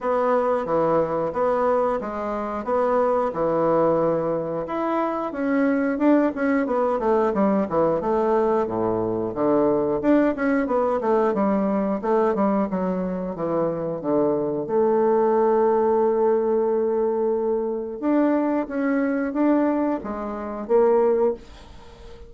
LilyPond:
\new Staff \with { instrumentName = "bassoon" } { \time 4/4 \tempo 4 = 90 b4 e4 b4 gis4 | b4 e2 e'4 | cis'4 d'8 cis'8 b8 a8 g8 e8 | a4 a,4 d4 d'8 cis'8 |
b8 a8 g4 a8 g8 fis4 | e4 d4 a2~ | a2. d'4 | cis'4 d'4 gis4 ais4 | }